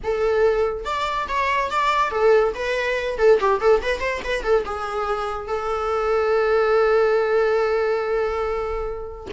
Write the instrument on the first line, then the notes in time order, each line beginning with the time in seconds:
viola
0.03 A4
0.85 D5
1.28 C#5
1.70 D5
2.10 A4
2.54 B4
3.18 A4
3.39 G4
3.60 A4
3.82 B4
3.99 C5
4.24 B4
4.43 A4
4.65 G#4
5.47 A4